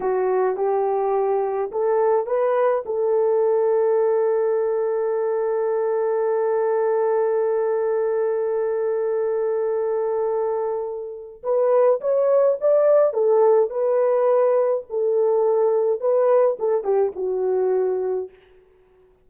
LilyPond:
\new Staff \with { instrumentName = "horn" } { \time 4/4 \tempo 4 = 105 fis'4 g'2 a'4 | b'4 a'2.~ | a'1~ | a'1~ |
a'1 | b'4 cis''4 d''4 a'4 | b'2 a'2 | b'4 a'8 g'8 fis'2 | }